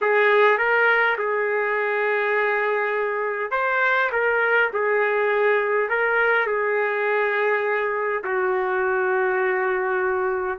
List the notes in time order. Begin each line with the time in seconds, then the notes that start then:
0.01 G#4
0.57 A#4
1.17 G#4
3.51 C5
4.12 A#4
4.73 G#4
5.89 A#4
6.46 G#4
8.24 F#4